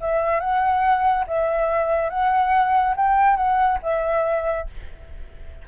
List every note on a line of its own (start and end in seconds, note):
0.00 0.40 E5
0.40 1.25 F#5
1.27 2.09 E5
2.09 2.95 F#5
2.96 3.36 G5
3.36 3.79 F#5
3.82 4.67 E5